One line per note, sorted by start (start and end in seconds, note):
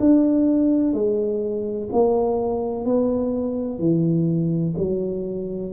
0.00 0.93 D4
0.93 1.88 G#3
1.92 2.85 A#3
2.85 3.79 B3
3.79 4.74 E3
4.77 5.72 F#3